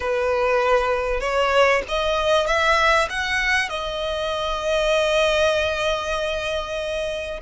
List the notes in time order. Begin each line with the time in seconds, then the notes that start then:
0.00 B4
1.20 C#5
1.88 D#5
2.46 E5
3.09 F#5
3.69 D#5